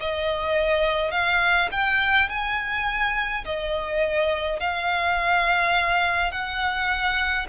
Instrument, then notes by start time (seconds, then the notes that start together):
violin
0.00 D#5
1.11 F5
1.71 G5
2.29 G#5
3.45 D#5
4.59 F5
6.31 F#5